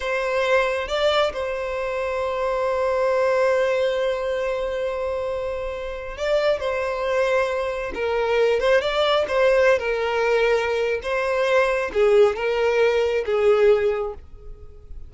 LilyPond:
\new Staff \with { instrumentName = "violin" } { \time 4/4 \tempo 4 = 136 c''2 d''4 c''4~ | c''1~ | c''1~ | c''2 d''4 c''4~ |
c''2 ais'4. c''8 | d''4 c''4~ c''16 ais'4.~ ais'16~ | ais'4 c''2 gis'4 | ais'2 gis'2 | }